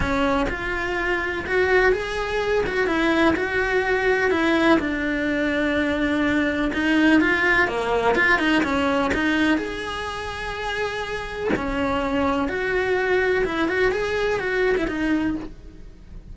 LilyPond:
\new Staff \with { instrumentName = "cello" } { \time 4/4 \tempo 4 = 125 cis'4 f'2 fis'4 | gis'4. fis'8 e'4 fis'4~ | fis'4 e'4 d'2~ | d'2 dis'4 f'4 |
ais4 f'8 dis'8 cis'4 dis'4 | gis'1 | cis'2 fis'2 | e'8 fis'8 gis'4 fis'8. e'16 dis'4 | }